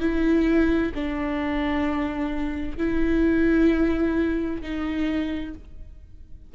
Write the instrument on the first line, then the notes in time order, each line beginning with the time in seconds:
viola
0.00 E4
0.95 D4
2.78 E4
4.62 D#4